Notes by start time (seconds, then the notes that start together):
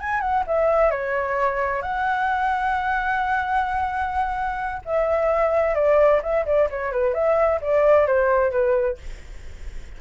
0.00 G#5
0.20 F#5
0.47 E5
0.91 C#5
1.82 F#5
4.85 E5
5.75 D5
6.22 E5
6.46 D5
6.70 C#5
6.92 B4
7.14 E5
7.61 D5
8.06 C5
8.51 B4